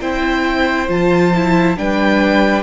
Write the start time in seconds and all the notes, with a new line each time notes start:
0.00 C4 E4 C5 G5
0.88 F3 F4 A5
1.35 E4
1.77 G3 D4 B4 G5